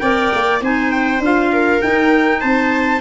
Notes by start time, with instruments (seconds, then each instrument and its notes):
0.00 tuba C4, clarinet A#4, viola D5, trumpet G5
0.34 tuba A#3
0.61 tuba C4, clarinet D#4, viola C5, trumpet G#5
0.92 trumpet G5
1.20 tuba D4, clarinet F4, trumpet F5
1.52 viola A#4
1.82 clarinet D#4, tuba D#4, trumpet G5
2.41 tuba C4, viola C5, trumpet A5